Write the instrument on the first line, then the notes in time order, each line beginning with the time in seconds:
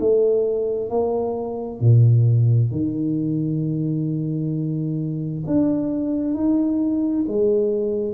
tuba
0.00 A3
0.90 A#3
1.81 A#2
2.72 D#3
5.47 D4
6.34 D#4
7.28 G#3